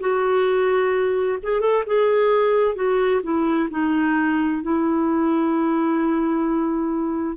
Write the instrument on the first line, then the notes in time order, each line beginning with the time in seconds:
clarinet
0.00 F#4
1.43 G#4
1.60 A4
1.87 G#4
2.75 F#4
3.23 E4
3.70 D#4
4.62 E4